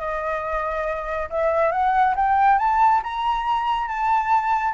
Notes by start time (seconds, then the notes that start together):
0.00 D#5
1.30 E5
1.72 F#5
2.16 G5
2.59 A5
3.04 A#5
3.88 A5